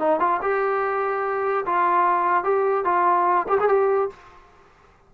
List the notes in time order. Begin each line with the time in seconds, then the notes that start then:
0.00 D#4
0.20 F4
0.42 G4
1.66 F4
2.45 G4
2.85 F4
3.49 G4
3.61 G#4
3.69 G4